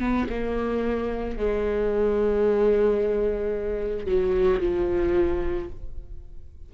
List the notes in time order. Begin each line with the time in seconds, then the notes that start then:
0.00 B3
0.30 A#3
1.38 G#3
4.07 F#3
4.61 F3